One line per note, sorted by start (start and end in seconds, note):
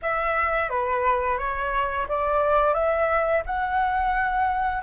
0.02 0.69 E5
0.69 1.38 B4
1.38 2.07 C#5
2.08 2.73 D5
2.73 3.42 E5
3.45 4.82 F#5